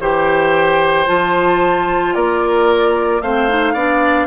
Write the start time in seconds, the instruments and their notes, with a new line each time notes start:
0.00 bassoon E3, clarinet G4, oboe C5, flute G5
1.07 bassoon F3, clarinet F4, flute A5
2.15 bassoon A#3, oboe A#4, flute D5
3.22 bassoon A3, clarinet C4, oboe C5, flute F5
3.49 clarinet D#4
3.74 bassoon B3, clarinet D4, oboe D5